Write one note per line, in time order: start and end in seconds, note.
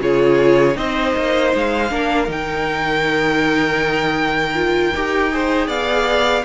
0.00 0.76 C#3
0.00 0.73 F4
0.00 0.77 G#4
0.00 0.77 C#5
0.73 1.14 C4
0.73 1.87 D#4
0.73 1.91 C5
0.73 1.53 D#5
1.16 1.53 A#3
1.54 1.90 G#3
1.54 2.31 F5
1.90 2.28 A#3
1.90 2.27 D4
1.90 5.32 A#4
2.27 4.94 D#3
2.27 4.54 D#4
2.27 5.69 G5
4.54 4.92 F4
4.95 5.68 D#4
4.95 5.31 G4
5.31 6.44 G#4
5.31 5.67 C5
5.67 6.44 B3
5.67 6.43 D5
5.67 6.44 F5